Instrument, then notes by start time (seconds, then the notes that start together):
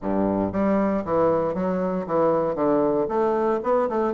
bassoon
0.01 G2
0.52 G3
1.04 E3
1.54 F#3
2.06 E3
2.55 D3
3.08 A3
3.63 B3
3.89 A3